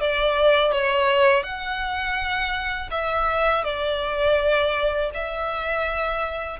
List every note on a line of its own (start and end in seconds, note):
0.00 0.72 D5
0.72 1.43 C#5
1.43 2.89 F#5
2.91 3.64 E5
3.64 5.10 D5
5.14 6.60 E5